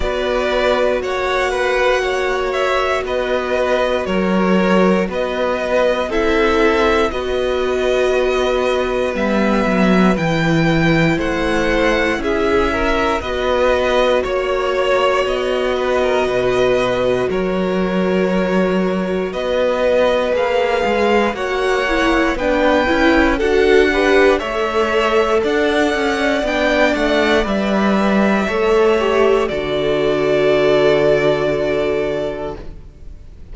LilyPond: <<
  \new Staff \with { instrumentName = "violin" } { \time 4/4 \tempo 4 = 59 d''4 fis''4. e''8 dis''4 | cis''4 dis''4 e''4 dis''4~ | dis''4 e''4 g''4 fis''4 | e''4 dis''4 cis''4 dis''4~ |
dis''4 cis''2 dis''4 | f''4 fis''4 g''4 fis''4 | e''4 fis''4 g''8 fis''8 e''4~ | e''4 d''2. | }
  \new Staff \with { instrumentName = "violin" } { \time 4/4 b'4 cis''8 b'8 cis''4 b'4 | ais'4 b'4 a'4 b'4~ | b'2. c''4 | gis'8 ais'8 b'4 cis''4. b'16 ais'16 |
b'4 ais'2 b'4~ | b'4 cis''4 b'4 a'8 b'8 | cis''4 d''2. | cis''4 a'2. | }
  \new Staff \with { instrumentName = "viola" } { \time 4/4 fis'1~ | fis'2 e'4 fis'4~ | fis'4 b4 e'2~ | e'4 fis'2.~ |
fis'1 | gis'4 fis'8 e'8 d'8 e'8 fis'8 g'8 | a'2 d'4 b'4 | a'8 g'8 fis'2. | }
  \new Staff \with { instrumentName = "cello" } { \time 4/4 b4 ais2 b4 | fis4 b4 c'4 b4~ | b4 g8 fis8 e4 a4 | cis'4 b4 ais4 b4 |
b,4 fis2 b4 | ais8 gis8 ais4 b8 cis'8 d'4 | a4 d'8 cis'8 b8 a8 g4 | a4 d2. | }
>>